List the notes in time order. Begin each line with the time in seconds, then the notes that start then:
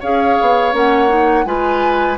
0.00 C#4 G#4 C#5 F5
0.41 B3
0.73 A#3 C#4 F#5
1.08 D#4
1.45 G#3 F4 B4 G#5